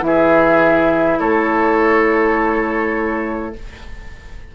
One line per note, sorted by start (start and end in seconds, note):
0.00 1.19 E3
0.00 3.53 E4
0.00 1.20 E5
0.06 1.19 G#4
1.19 3.55 A3
1.19 3.55 A4
1.19 3.55 C#5